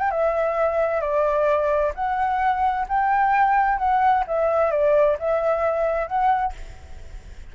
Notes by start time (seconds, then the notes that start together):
0.00 G5
0.11 E5
1.01 D5
1.95 F#5
2.89 G5
3.78 F#5
4.27 E5
4.72 D5
5.19 E5
6.07 F#5